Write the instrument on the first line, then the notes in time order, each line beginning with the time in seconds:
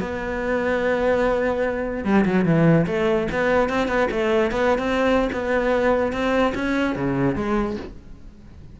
cello
0.00 B3
2.04 G3
2.25 F#3
2.45 E3
2.87 A3
3.32 B3
3.69 C4
3.88 B3
4.11 A3
4.51 B3
4.78 C4
5.32 B3
6.12 C4
6.55 C#4
6.96 C#3
7.36 G#3